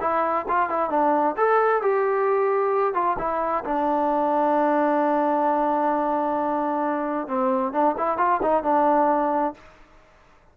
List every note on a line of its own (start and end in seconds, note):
0.00 0.45 E4
0.48 0.70 F4
0.70 0.90 E4
0.90 1.35 D4
1.37 1.82 A4
1.82 2.94 G4
2.94 3.17 F4
3.18 3.64 E4
3.64 7.27 D4
7.27 7.72 C4
7.72 7.95 D4
7.97 8.17 E4
8.17 8.40 F4
8.42 8.63 D#4
8.63 9.54 D4